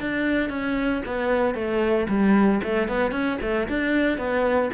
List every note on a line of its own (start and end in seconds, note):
0.00 0.49 D4
0.49 1.02 C#4
1.06 1.54 B3
1.54 2.07 A3
2.08 2.61 G3
2.63 2.88 A3
2.88 3.11 B3
3.11 3.38 C#4
3.41 3.67 A3
3.68 4.17 D4
4.17 4.70 B3